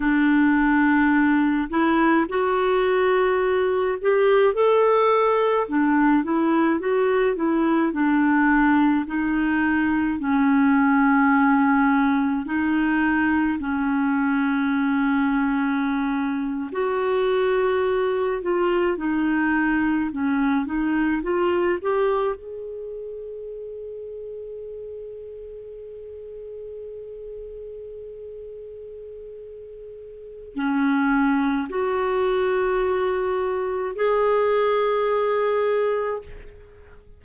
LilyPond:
\new Staff \with { instrumentName = "clarinet" } { \time 4/4 \tempo 4 = 53 d'4. e'8 fis'4. g'8 | a'4 d'8 e'8 fis'8 e'8 d'4 | dis'4 cis'2 dis'4 | cis'2~ cis'8. fis'4~ fis'16~ |
fis'16 f'8 dis'4 cis'8 dis'8 f'8 g'8 gis'16~ | gis'1~ | gis'2. cis'4 | fis'2 gis'2 | }